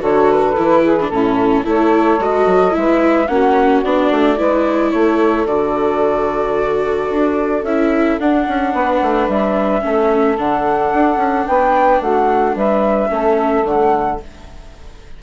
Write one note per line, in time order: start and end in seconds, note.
0.00 0.57 D3
0.00 0.55 F#4
0.00 0.82 A4
0.00 0.31 C#5
0.31 1.10 B4
0.58 1.10 E3
0.58 0.99 E4
0.82 1.10 G#4
1.01 1.13 D4
1.10 1.64 A2
1.10 1.64 C#4
1.10 1.65 E4
1.10 1.65 A4
1.64 2.19 A3
1.64 2.19 E4
1.64 2.77 A4
1.64 2.23 C#5
2.19 2.46 G#3
2.19 2.71 F#4
2.19 2.75 D#5
2.46 2.74 F#3
2.71 3.29 G#3
2.71 3.26 E4
2.71 3.28 E5
2.79 3.30 B4
3.28 3.83 A#3
3.28 3.84 C#4
3.28 4.39 F#4
3.28 3.82 F#5
3.83 4.11 B3
3.83 4.38 D4
3.83 4.91 D5
4.11 4.39 A3
4.38 4.94 G#3
4.38 5.47 E4
4.38 4.93 B4
4.91 5.46 A3
4.91 8.74 A4
4.91 5.46 C#5
5.46 7.10 D3
5.46 7.66 F#4
5.46 7.65 D5
7.11 7.63 D4
7.63 8.18 C#4
7.63 8.21 E4
7.63 8.19 E5
8.20 8.47 D4
8.20 9.82 D4
8.20 9.29 F#5
8.49 8.74 C#4
8.74 9.01 B3
8.74 9.83 B4
9.02 9.28 A3
9.28 9.83 G3
9.28 10.39 E5
9.82 10.39 A3
9.82 10.36 C#4
9.82 11.48 A4
10.38 10.93 D3
10.38 13.10 D4
10.38 11.47 F#5
10.94 11.17 D4
11.17 11.45 C#4
11.47 12.01 B3
11.47 12.01 B4
11.47 12.02 G5
12.01 12.56 A3
12.01 12.56 F#4
12.01 12.56 F#5
12.56 13.10 G3
12.56 13.10 B4
12.56 13.66 E5
13.10 13.65 A3
13.10 13.64 C#4
13.10 14.23 A4
13.65 14.19 D3
13.65 14.19 A3
13.65 14.21 F#5